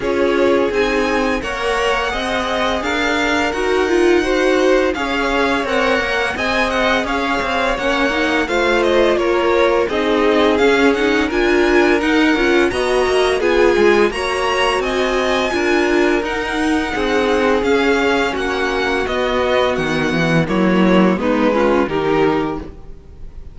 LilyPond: <<
  \new Staff \with { instrumentName = "violin" } { \time 4/4 \tempo 4 = 85 cis''4 gis''4 fis''2 | f''4 fis''2 f''4 | fis''4 gis''8 fis''8 f''4 fis''4 | f''8 dis''8 cis''4 dis''4 f''8 fis''8 |
gis''4 fis''4 ais''4 gis''4 | ais''4 gis''2 fis''4~ | fis''4 f''4 fis''4 dis''4 | fis''4 cis''4 b'4 ais'4 | }
  \new Staff \with { instrumentName = "violin" } { \time 4/4 gis'2 cis''4 dis''4 | ais'2 c''4 cis''4~ | cis''4 dis''4 cis''2 | c''4 ais'4 gis'2 |
ais'2 dis''4 gis'4 | cis''4 dis''4 ais'2 | gis'2 fis'2~ | fis'4 e'4 dis'8 f'8 g'4 | }
  \new Staff \with { instrumentName = "viola" } { \time 4/4 f'4 dis'4 ais'4 gis'4~ | gis'4 fis'8 f'8 fis'4 gis'4 | ais'4 gis'2 cis'8 dis'8 | f'2 dis'4 cis'8 dis'8 |
f'4 dis'8 f'8 fis'4 f'4 | fis'2 f'4 dis'4~ | dis'4 cis'2 b4~ | b4 ais4 b8 cis'8 dis'4 | }
  \new Staff \with { instrumentName = "cello" } { \time 4/4 cis'4 c'4 ais4 c'4 | d'4 dis'2 cis'4 | c'8 ais8 c'4 cis'8 c'8 ais4 | a4 ais4 c'4 cis'4 |
d'4 dis'8 cis'8 b8 ais8 b8 gis8 | ais4 c'4 d'4 dis'4 | c'4 cis'4 ais4 b4 | dis8 e8 fis4 gis4 dis4 | }
>>